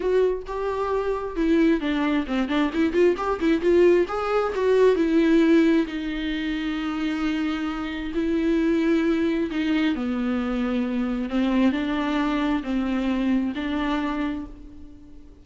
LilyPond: \new Staff \with { instrumentName = "viola" } { \time 4/4 \tempo 4 = 133 fis'4 g'2 e'4 | d'4 c'8 d'8 e'8 f'8 g'8 e'8 | f'4 gis'4 fis'4 e'4~ | e'4 dis'2.~ |
dis'2 e'2~ | e'4 dis'4 b2~ | b4 c'4 d'2 | c'2 d'2 | }